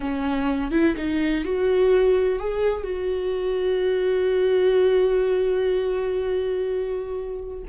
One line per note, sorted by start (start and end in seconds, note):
0.00 0.71 C#4
0.71 0.95 E4
0.96 1.44 D#4
1.44 2.39 F#4
2.39 2.83 G#4
2.83 7.63 F#4